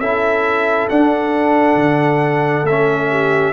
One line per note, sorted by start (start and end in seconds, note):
0.00 0.88 C#4
0.00 0.91 E4
0.00 3.09 A4
0.00 0.89 E5
0.90 1.76 D4
0.90 2.67 D4
0.90 2.66 F#5
1.76 2.64 D3
2.64 3.52 A3
2.64 3.54 E5
2.70 3.54 C#4
3.10 3.54 G4